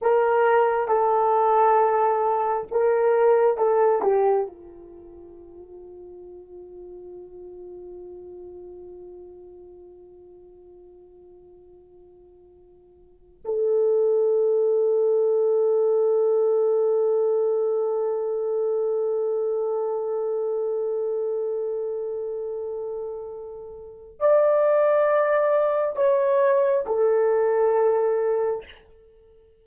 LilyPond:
\new Staff \with { instrumentName = "horn" } { \time 4/4 \tempo 4 = 67 ais'4 a'2 ais'4 | a'8 g'8 f'2.~ | f'1~ | f'2. a'4~ |
a'1~ | a'1~ | a'2. d''4~ | d''4 cis''4 a'2 | }